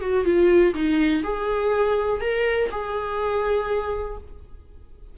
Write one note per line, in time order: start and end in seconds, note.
0.00 0.24 F#4
0.25 0.73 F4
0.74 1.22 D#4
1.23 2.21 G#4
2.21 2.69 A#4
2.71 4.17 G#4